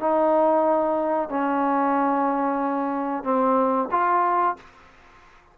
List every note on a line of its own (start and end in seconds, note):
0.00 1.29 D#4
1.29 3.23 C#4
3.23 3.88 C4
3.91 4.56 F4